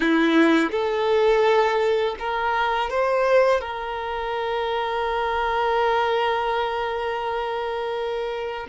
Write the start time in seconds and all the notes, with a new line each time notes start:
0.00 E4
0.71 A4
2.19 A#4
2.90 C5
3.60 A#4